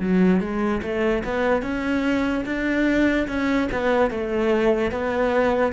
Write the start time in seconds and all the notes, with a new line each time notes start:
0.00 F#3
0.41 G#3
0.83 A3
1.25 B3
1.63 C#4
2.46 D4
3.28 C#4
3.72 B3
4.11 A3
4.92 B3